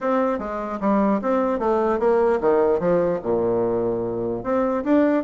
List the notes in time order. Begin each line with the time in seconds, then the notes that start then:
0.00 C4
0.38 G#3
0.80 G3
1.21 C4
1.59 A3
1.99 A#3
2.41 D#3
2.79 F3
3.23 A#2
4.43 C4
4.84 D4